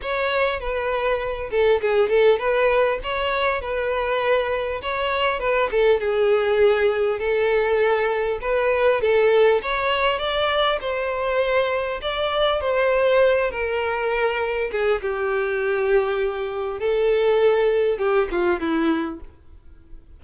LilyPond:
\new Staff \with { instrumentName = "violin" } { \time 4/4 \tempo 4 = 100 cis''4 b'4. a'8 gis'8 a'8 | b'4 cis''4 b'2 | cis''4 b'8 a'8 gis'2 | a'2 b'4 a'4 |
cis''4 d''4 c''2 | d''4 c''4. ais'4.~ | ais'8 gis'8 g'2. | a'2 g'8 f'8 e'4 | }